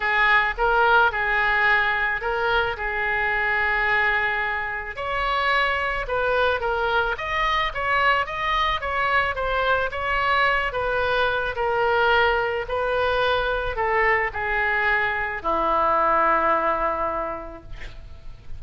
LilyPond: \new Staff \with { instrumentName = "oboe" } { \time 4/4 \tempo 4 = 109 gis'4 ais'4 gis'2 | ais'4 gis'2.~ | gis'4 cis''2 b'4 | ais'4 dis''4 cis''4 dis''4 |
cis''4 c''4 cis''4. b'8~ | b'4 ais'2 b'4~ | b'4 a'4 gis'2 | e'1 | }